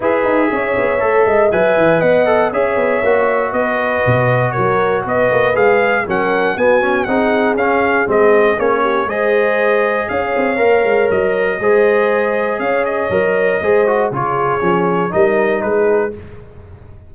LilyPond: <<
  \new Staff \with { instrumentName = "trumpet" } { \time 4/4 \tempo 4 = 119 e''2. gis''4 | fis''4 e''2 dis''4~ | dis''4 cis''4 dis''4 f''4 | fis''4 gis''4 fis''4 f''4 |
dis''4 cis''4 dis''2 | f''2 dis''2~ | dis''4 f''8 dis''2~ dis''8 | cis''2 dis''4 b'4 | }
  \new Staff \with { instrumentName = "horn" } { \time 4/4 b'4 cis''4. dis''8 e''4 | dis''4 cis''2 b'4~ | b'4 ais'4 b'2 | ais'4 fis'4 gis'2~ |
gis'4. g'8 c''2 | cis''2. c''4~ | c''4 cis''2 c''4 | gis'2 ais'4 gis'4 | }
  \new Staff \with { instrumentName = "trombone" } { \time 4/4 gis'2 a'4 b'4~ | b'8 a'8 gis'4 fis'2~ | fis'2. gis'4 | cis'4 b8 cis'8 dis'4 cis'4 |
c'4 cis'4 gis'2~ | gis'4 ais'2 gis'4~ | gis'2 ais'4 gis'8 fis'8 | f'4 cis'4 dis'2 | }
  \new Staff \with { instrumentName = "tuba" } { \time 4/4 e'8 dis'8 cis'8 b8 a8 gis8 fis8 e8 | b4 cis'8 b8 ais4 b4 | b,4 fis4 b8 ais8 gis4 | fis4 b4 c'4 cis'4 |
gis4 ais4 gis2 | cis'8 c'8 ais8 gis8 fis4 gis4~ | gis4 cis'4 fis4 gis4 | cis4 f4 g4 gis4 | }
>>